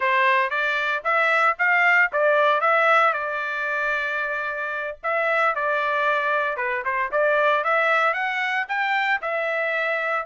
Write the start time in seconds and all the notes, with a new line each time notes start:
0.00 C5
0.50 D5
1.04 E5
1.58 F5
2.12 D5
2.61 E5
3.13 D5
5.03 E5
5.55 D5
6.56 B4
6.84 C5
7.11 D5
7.64 E5
8.13 F#5
8.68 G5
9.21 E5